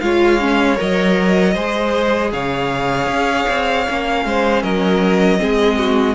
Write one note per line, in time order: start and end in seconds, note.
0.00 0.78 G#3
0.00 0.39 F4
0.00 1.53 C#5
0.00 0.77 F5
0.39 0.76 C#4
0.76 1.56 F#3
0.76 1.53 A#4
0.76 2.32 D#5
1.53 2.33 G#3
1.53 3.87 G#4
1.53 2.30 C5
2.32 3.07 C#3
2.32 4.25 C#5
2.32 4.62 F5
3.07 3.45 C#4
3.48 3.87 C4
3.87 4.25 A#3
3.87 5.38 C#4
4.25 4.63 G#3
4.25 4.62 C5
4.62 5.40 F#3
4.62 5.39 A#4
4.62 6.15 D#5
5.38 6.15 G#3
5.38 6.15 C4
5.38 5.78 G#4
5.78 6.15 F#4